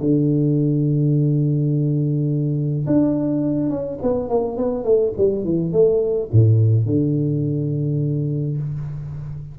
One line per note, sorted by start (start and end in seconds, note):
0.00 2.86 D3
2.86 3.70 D4
3.70 3.98 C#4
4.02 4.29 B3
4.29 4.57 A#3
4.57 4.84 B3
4.84 5.12 A3
5.17 5.44 G3
5.44 5.72 E3
5.72 6.29 A3
6.32 6.85 A2
6.85 8.57 D3